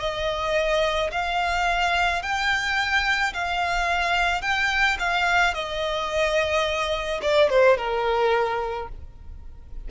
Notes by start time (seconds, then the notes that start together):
0.00 D#5
1.12 F5
2.23 G5
3.34 F5
4.42 G5
4.99 F5
5.55 D#5
7.22 D5
7.50 C5
7.78 A#4